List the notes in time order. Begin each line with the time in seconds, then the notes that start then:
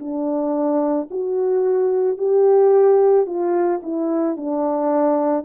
0.00 D4
1.11 F#4
2.18 G4
3.26 F4
3.83 E4
4.37 D4